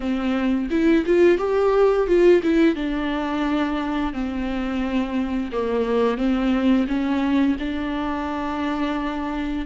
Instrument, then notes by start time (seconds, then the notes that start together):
viola
0.00 C4
0.70 E4
1.06 F4
1.38 G4
2.07 F4
2.42 E4
2.75 D4
4.13 C4
5.52 A#3
6.17 C4
6.87 C#4
7.59 D4